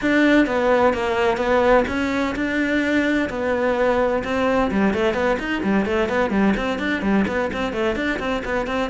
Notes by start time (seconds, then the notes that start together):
0.01 D4
0.46 B3
0.93 A#3
1.37 B3
1.88 C#4
2.35 D4
3.29 B3
4.24 C4
4.71 G3
4.93 A3
5.13 B3
5.39 D#4
5.63 G3
5.85 A3
6.09 B3
6.30 G3
6.56 C4
6.78 D4
7.02 G3
7.27 B3
7.53 C4
7.72 A3
7.95 D4
8.19 C4
8.44 B3
8.67 C4